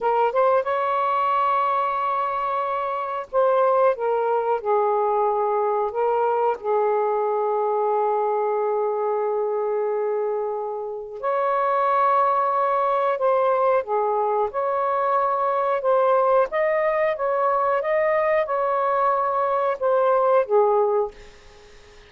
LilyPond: \new Staff \with { instrumentName = "saxophone" } { \time 4/4 \tempo 4 = 91 ais'8 c''8 cis''2.~ | cis''4 c''4 ais'4 gis'4~ | gis'4 ais'4 gis'2~ | gis'1~ |
gis'4 cis''2. | c''4 gis'4 cis''2 | c''4 dis''4 cis''4 dis''4 | cis''2 c''4 gis'4 | }